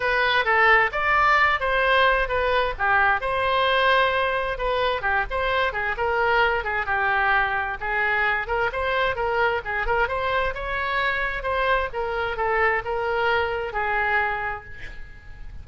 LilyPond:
\new Staff \with { instrumentName = "oboe" } { \time 4/4 \tempo 4 = 131 b'4 a'4 d''4. c''8~ | c''4 b'4 g'4 c''4~ | c''2 b'4 g'8 c''8~ | c''8 gis'8 ais'4. gis'8 g'4~ |
g'4 gis'4. ais'8 c''4 | ais'4 gis'8 ais'8 c''4 cis''4~ | cis''4 c''4 ais'4 a'4 | ais'2 gis'2 | }